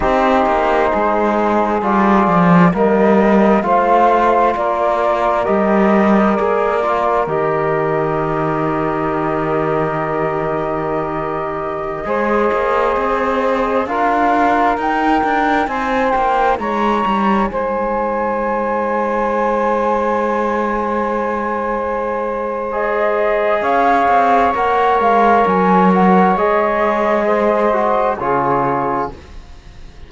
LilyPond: <<
  \new Staff \with { instrumentName = "flute" } { \time 4/4 \tempo 4 = 66 c''2 d''4 dis''4 | f''4 d''4 dis''4 d''4 | dis''1~ | dis''2.~ dis''16 f''8.~ |
f''16 g''4 gis''8 g''8 ais''4 gis''8.~ | gis''1~ | gis''4 dis''4 f''4 fis''8 f''8 | gis''8 fis''8 dis''2 cis''4 | }
  \new Staff \with { instrumentName = "saxophone" } { \time 4/4 g'4 gis'2 ais'4 | c''4 ais'2.~ | ais'1~ | ais'4~ ais'16 c''2 ais'8.~ |
ais'4~ ais'16 c''4 cis''4 c''8.~ | c''1~ | c''2 cis''2~ | cis''2 c''4 gis'4 | }
  \new Staff \with { instrumentName = "trombone" } { \time 4/4 dis'2 f'4 ais4 | f'2 g'4 gis'8 f'8 | g'1~ | g'4~ g'16 gis'2 f'8.~ |
f'16 dis'2.~ dis'8.~ | dis'1~ | dis'4 gis'2 ais'4~ | ais'4 gis'4. fis'8 f'4 | }
  \new Staff \with { instrumentName = "cello" } { \time 4/4 c'8 ais8 gis4 g8 f8 g4 | a4 ais4 g4 ais4 | dis1~ | dis4~ dis16 gis8 ais8 c'4 d'8.~ |
d'16 dis'8 d'8 c'8 ais8 gis8 g8 gis8.~ | gis1~ | gis2 cis'8 c'8 ais8 gis8 | fis4 gis2 cis4 | }
>>